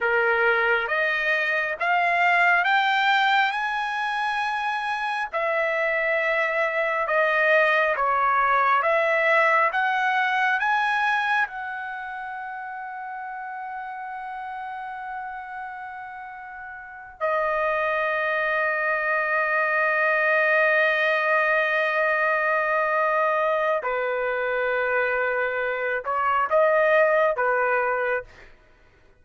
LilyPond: \new Staff \with { instrumentName = "trumpet" } { \time 4/4 \tempo 4 = 68 ais'4 dis''4 f''4 g''4 | gis''2 e''2 | dis''4 cis''4 e''4 fis''4 | gis''4 fis''2.~ |
fis''2.~ fis''8 dis''8~ | dis''1~ | dis''2. b'4~ | b'4. cis''8 dis''4 b'4 | }